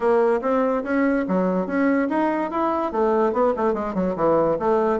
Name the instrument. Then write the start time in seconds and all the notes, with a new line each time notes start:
bassoon
0.00 A#3
0.41 C4
0.83 C#4
1.28 F#3
1.66 C#4
2.09 D#4
2.50 E4
2.91 A3
3.32 B3
3.56 A3
3.73 G#3
3.94 F#3
4.16 E3
4.59 A3